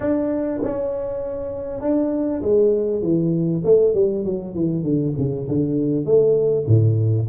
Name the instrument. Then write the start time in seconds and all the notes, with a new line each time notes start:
tuba
0.00 D4
0.62 C#4
1.80 D4
2.41 G#3
3.02 E3
3.64 A3
3.94 G3
4.24 F#3
4.54 E3
4.83 D3
5.17 C#3
5.47 D3
6.05 A3
6.67 A2